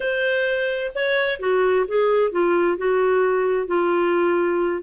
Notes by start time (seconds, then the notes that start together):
0.00 C5
0.94 C#5
1.39 F#4
1.87 G#4
2.31 F4
2.77 F#4
3.67 F4